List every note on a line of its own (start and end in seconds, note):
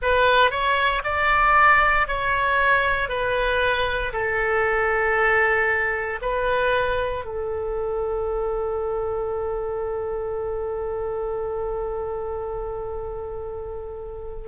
0.02 0.50 B4
0.50 1.02 C#5
1.03 2.07 D5
2.07 3.08 C#5
3.08 4.12 B4
4.12 6.19 A4
6.21 7.25 B4
7.25 14.47 A4